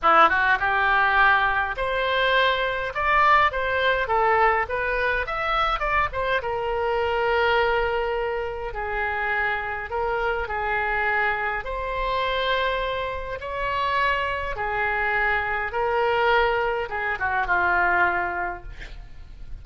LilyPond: \new Staff \with { instrumentName = "oboe" } { \time 4/4 \tempo 4 = 103 e'8 fis'8 g'2 c''4~ | c''4 d''4 c''4 a'4 | b'4 e''4 d''8 c''8 ais'4~ | ais'2. gis'4~ |
gis'4 ais'4 gis'2 | c''2. cis''4~ | cis''4 gis'2 ais'4~ | ais'4 gis'8 fis'8 f'2 | }